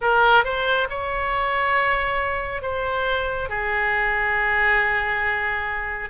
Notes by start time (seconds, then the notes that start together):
0.01 A#4
0.44 C5
0.89 C#5
2.62 C5
3.49 G#4